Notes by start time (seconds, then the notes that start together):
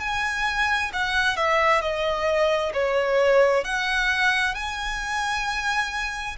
0.00 G#5
0.93 F#5
1.36 E5
1.81 D#5
2.73 C#5
3.64 F#5
4.55 G#5